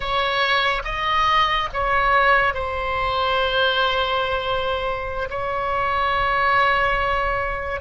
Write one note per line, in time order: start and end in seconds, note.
0.00 0.82 C#5
0.84 1.68 D#5
1.73 2.54 C#5
2.54 5.28 C5
5.29 7.80 C#5